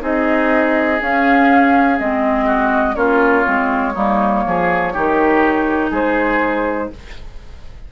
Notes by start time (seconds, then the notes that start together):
0.00 C4 D#4 G#4 D#5
1.01 C#4 F5
1.99 G#3 C4 D#5
2.45 F#4
2.95 A#3 C#4 F4 C#5
3.44 G#3 C4
3.93 G3 A#3 D#4
4.46 F3 G#4
4.93 D#3 D#4 G4
5.91 G#3 G#4 C5